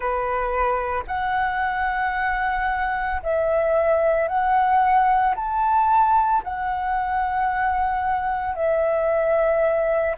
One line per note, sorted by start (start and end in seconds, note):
0.00 1.03 B4
1.07 3.21 F#5
3.22 4.28 E5
4.28 5.35 F#5
5.35 6.42 A5
6.43 8.55 F#5
8.55 10.15 E5